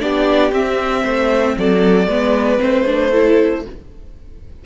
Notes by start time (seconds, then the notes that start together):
0.00 B3 D4 G4 D5
0.52 C4 E5
1.03 A3 C5
1.58 F#3 A4 D5
2.07 G#3 B3 B4
2.59 A3 C4 C5
2.86 D4
3.10 E4 A4